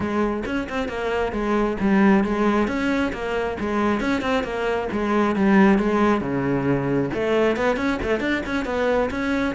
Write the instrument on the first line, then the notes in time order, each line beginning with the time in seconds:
cello
0.00 G#3
0.45 C#4
0.69 C4
0.88 A#3
1.32 G#3
1.80 G3
2.24 G#3
2.67 C#4
3.12 A#3
3.60 G#3
4.00 C#4
4.21 C4
4.43 A#3
4.92 G#3
5.35 G3
5.78 G#3
6.21 C#3
7.13 A3
7.56 B3
7.76 C#4
8.02 A3
8.20 D4
8.46 C#4
8.65 B3
9.10 C#4